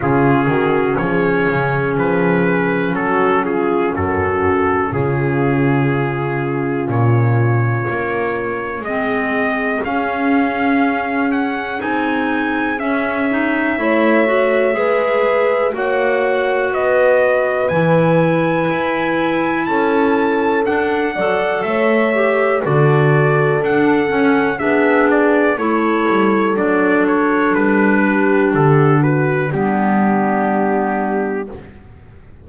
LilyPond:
<<
  \new Staff \with { instrumentName = "trumpet" } { \time 4/4 \tempo 4 = 61 gis'4 cis''4 b'4 a'8 gis'8 | a'4 gis'2 cis''4~ | cis''4 dis''4 f''4. fis''8 | gis''4 e''2. |
fis''4 dis''4 gis''2 | a''4 fis''4 e''4 d''4 | fis''4 e''8 d''8 cis''4 d''8 cis''8 | b'4 a'8 b'8 g'2 | }
  \new Staff \with { instrumentName = "horn" } { \time 4/4 f'8 fis'8 gis'2 fis'8 f'8 | fis'4 f'2.~ | f'4 gis'2.~ | gis'2 cis''4 b'4 |
cis''4 b'2. | a'4. d''8 cis''4 a'4~ | a'4 gis'4 a'2~ | a'8 g'4 fis'8 d'2 | }
  \new Staff \with { instrumentName = "clarinet" } { \time 4/4 cis'1~ | cis'1~ | cis'4 c'4 cis'2 | dis'4 cis'8 dis'8 e'8 fis'8 gis'4 |
fis'2 e'2~ | e'4 d'8 a'4 g'8 fis'4 | d'8 cis'8 d'4 e'4 d'4~ | d'2 b2 | }
  \new Staff \with { instrumentName = "double bass" } { \time 4/4 cis8 dis8 f8 cis8 f4 fis4 | fis,4 cis2 ais,4 | ais4 gis4 cis'2 | c'4 cis'4 a4 gis4 |
ais4 b4 e4 e'4 | cis'4 d'8 fis8 a4 d4 | d'8 cis'8 b4 a8 g8 fis4 | g4 d4 g2 | }
>>